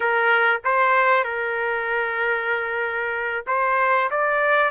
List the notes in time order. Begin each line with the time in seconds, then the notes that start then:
0.00 A#4
0.64 C5
1.23 A#4
3.47 C5
4.10 D5